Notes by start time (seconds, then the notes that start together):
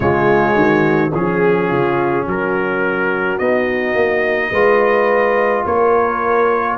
0.00 C#3 G#3 F4 C#5
0.53 D#3 F#4
1.14 F3 C#4 G#4
1.67 C#3 F4
2.26 F#3 F#4 A#4
3.38 B3 D#4 D#5
3.94 A#3
4.50 G#3 F4 B4
5.65 A#3 A#4 C#5